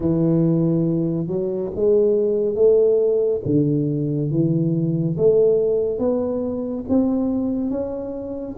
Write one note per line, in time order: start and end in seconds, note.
0.00 1.27 E3
1.27 1.70 F#3
1.75 2.55 G#3
2.55 3.41 A3
3.45 4.31 D3
4.31 5.16 E3
5.17 5.98 A3
5.98 6.84 B3
6.88 7.70 C4
7.70 8.56 C#4